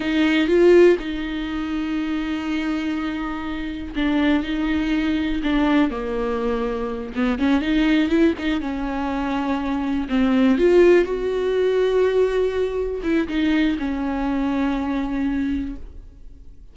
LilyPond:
\new Staff \with { instrumentName = "viola" } { \time 4/4 \tempo 4 = 122 dis'4 f'4 dis'2~ | dis'1 | d'4 dis'2 d'4 | ais2~ ais8 b8 cis'8 dis'8~ |
dis'8 e'8 dis'8 cis'2~ cis'8~ | cis'8 c'4 f'4 fis'4.~ | fis'2~ fis'8 e'8 dis'4 | cis'1 | }